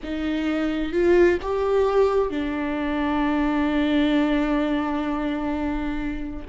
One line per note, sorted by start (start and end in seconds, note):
0.03 0.92 D#4
0.92 1.38 F4
1.42 2.30 G4
2.30 6.46 D4